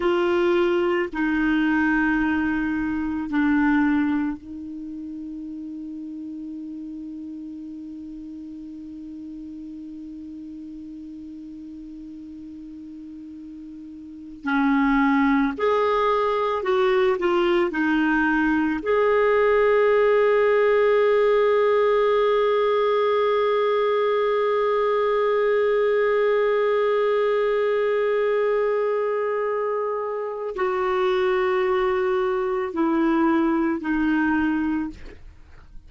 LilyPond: \new Staff \with { instrumentName = "clarinet" } { \time 4/4 \tempo 4 = 55 f'4 dis'2 d'4 | dis'1~ | dis'1~ | dis'4~ dis'16 cis'4 gis'4 fis'8 f'16~ |
f'16 dis'4 gis'2~ gis'8.~ | gis'1~ | gis'1 | fis'2 e'4 dis'4 | }